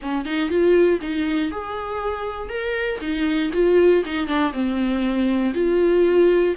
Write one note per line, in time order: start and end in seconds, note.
0.01 0.25 C#4
0.25 0.49 D#4
0.49 0.99 F4
1.01 1.51 D#4
1.51 2.49 G#4
2.49 2.99 A#4
3.00 3.51 D#4
3.53 4.03 F4
4.05 4.27 D#4
4.27 4.52 D4
4.52 5.53 C4
5.54 6.55 F4